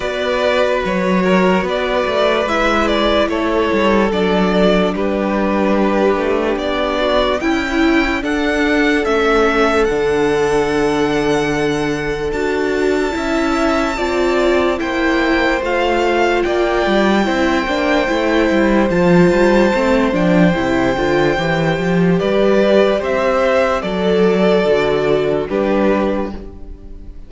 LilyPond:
<<
  \new Staff \with { instrumentName = "violin" } { \time 4/4 \tempo 4 = 73 d''4 cis''4 d''4 e''8 d''8 | cis''4 d''4 b'2 | d''4 g''4 fis''4 e''4 | fis''2. a''4~ |
a''2 g''4 f''4 | g''2. a''4~ | a''8 g''2~ g''8 d''4 | e''4 d''2 b'4 | }
  \new Staff \with { instrumentName = "violin" } { \time 4/4 b'4. ais'8 b'2 | a'2 g'2~ | g'8 fis'8 e'4 a'2~ | a'1 |
e''4 d''4 c''2 | d''4 c''2.~ | c''2. b'4 | c''4 a'2 g'4 | }
  \new Staff \with { instrumentName = "viola" } { \time 4/4 fis'2. e'4~ | e'4 d'2.~ | d'4 e'4 d'4 cis'4 | d'2. fis'4 |
e'4 f'4 e'4 f'4~ | f'4 e'8 d'8 e'4 f'4 | c'8 d'8 e'8 f'8 g'2~ | g'4 a'4 fis'4 d'4 | }
  \new Staff \with { instrumentName = "cello" } { \time 4/4 b4 fis4 b8 a8 gis4 | a8 g8 fis4 g4. a8 | b4 cis'4 d'4 a4 | d2. d'4 |
cis'4 c'4 ais4 a4 | ais8 g8 c'8 ais8 a8 g8 f8 g8 | a8 f8 c8 d8 e8 f8 g4 | c'4 fis4 d4 g4 | }
>>